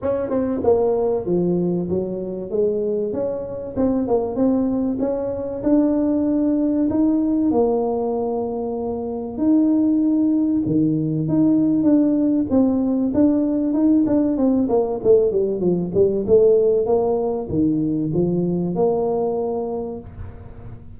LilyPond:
\new Staff \with { instrumentName = "tuba" } { \time 4/4 \tempo 4 = 96 cis'8 c'8 ais4 f4 fis4 | gis4 cis'4 c'8 ais8 c'4 | cis'4 d'2 dis'4 | ais2. dis'4~ |
dis'4 dis4 dis'4 d'4 | c'4 d'4 dis'8 d'8 c'8 ais8 | a8 g8 f8 g8 a4 ais4 | dis4 f4 ais2 | }